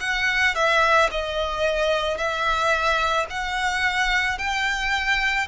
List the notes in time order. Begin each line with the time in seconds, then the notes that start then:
0.00 F#5
0.55 E5
1.11 D#5
2.17 E5
3.29 F#5
4.38 G5